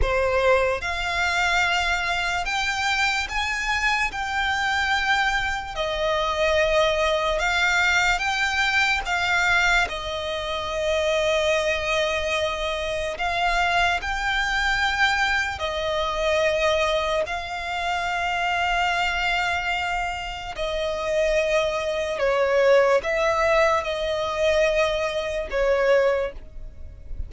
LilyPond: \new Staff \with { instrumentName = "violin" } { \time 4/4 \tempo 4 = 73 c''4 f''2 g''4 | gis''4 g''2 dis''4~ | dis''4 f''4 g''4 f''4 | dis''1 |
f''4 g''2 dis''4~ | dis''4 f''2.~ | f''4 dis''2 cis''4 | e''4 dis''2 cis''4 | }